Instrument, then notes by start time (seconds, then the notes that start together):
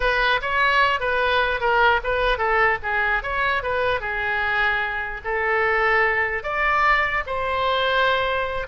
oboe
0.00 B4
0.41 C#5
0.99 B4
1.60 A#4
2.03 B4
2.38 A4
2.82 G#4
3.22 C#5
3.63 B4
4.00 G#4
5.24 A4
6.43 D5
7.26 C5